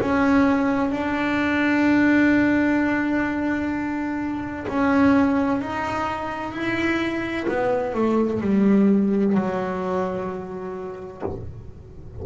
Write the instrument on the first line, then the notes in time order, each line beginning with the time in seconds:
double bass
0.00 C#4
0.91 D4
4.68 C#4
5.61 D#4
6.52 E4
7.48 B3
7.94 A3
8.41 G3
9.35 F#3